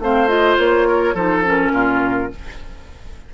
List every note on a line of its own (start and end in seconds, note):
0.00 0.58 A3
0.00 0.28 C4
0.00 0.88 C5
0.00 0.28 F5
0.28 1.15 F4
0.28 0.57 D#5
0.58 1.14 A#3
0.58 1.16 C#5
0.88 1.14 A#4
1.14 1.72 F3
1.14 1.44 D#4
1.14 1.72 A4
1.14 1.45 C5
1.44 2.31 C#4
1.44 2.34 A#4
1.72 2.30 A#2
1.72 2.31 F4